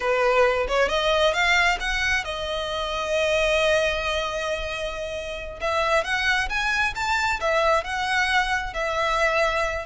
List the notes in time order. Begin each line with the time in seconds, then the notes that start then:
0.00 B4
0.68 C#5
0.89 D#5
1.33 F5
1.80 F#5
2.24 D#5
5.61 E5
6.03 F#5
6.49 G#5
6.95 A5
7.40 E5
7.84 F#5
8.73 E5